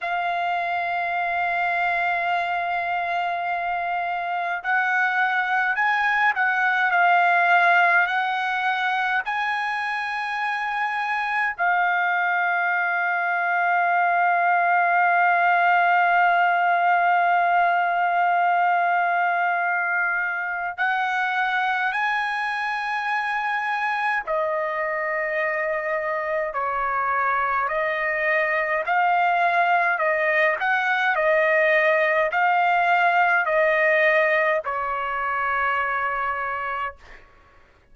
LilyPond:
\new Staff \with { instrumentName = "trumpet" } { \time 4/4 \tempo 4 = 52 f''1 | fis''4 gis''8 fis''8 f''4 fis''4 | gis''2 f''2~ | f''1~ |
f''2 fis''4 gis''4~ | gis''4 dis''2 cis''4 | dis''4 f''4 dis''8 fis''8 dis''4 | f''4 dis''4 cis''2 | }